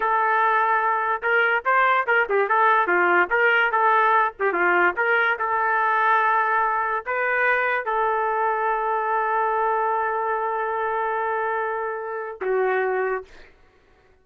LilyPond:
\new Staff \with { instrumentName = "trumpet" } { \time 4/4 \tempo 4 = 145 a'2. ais'4 | c''4 ais'8 g'8 a'4 f'4 | ais'4 a'4. g'8 f'4 | ais'4 a'2.~ |
a'4 b'2 a'4~ | a'1~ | a'1~ | a'2 fis'2 | }